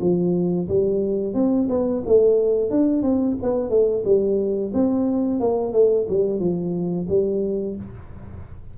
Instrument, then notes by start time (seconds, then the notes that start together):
tuba
0.00 F3
0.68 G3
1.34 C4
1.69 B3
2.06 A3
2.70 D4
3.02 C4
3.42 B3
3.69 A3
4.04 G3
4.73 C4
5.40 A#3
5.72 A3
6.09 G3
6.39 F3
7.08 G3